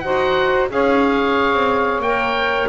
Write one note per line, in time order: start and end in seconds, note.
0.00 0.71 D#4
0.00 0.70 F#4
0.00 0.71 C5
0.00 0.67 F#5
0.70 1.53 C#4
0.70 2.03 G#4
0.70 2.69 C#5
0.70 2.02 F5
1.53 2.00 C4
2.00 2.66 A#3
2.00 2.69 G5
2.06 2.69 A#4